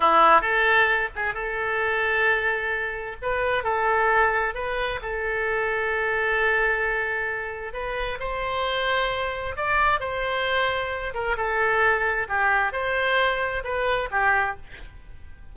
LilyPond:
\new Staff \with { instrumentName = "oboe" } { \time 4/4 \tempo 4 = 132 e'4 a'4. gis'8 a'4~ | a'2. b'4 | a'2 b'4 a'4~ | a'1~ |
a'4 b'4 c''2~ | c''4 d''4 c''2~ | c''8 ais'8 a'2 g'4 | c''2 b'4 g'4 | }